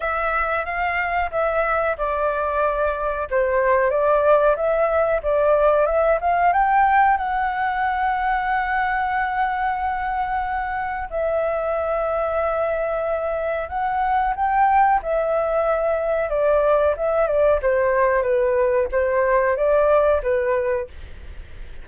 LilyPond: \new Staff \with { instrumentName = "flute" } { \time 4/4 \tempo 4 = 92 e''4 f''4 e''4 d''4~ | d''4 c''4 d''4 e''4 | d''4 e''8 f''8 g''4 fis''4~ | fis''1~ |
fis''4 e''2.~ | e''4 fis''4 g''4 e''4~ | e''4 d''4 e''8 d''8 c''4 | b'4 c''4 d''4 b'4 | }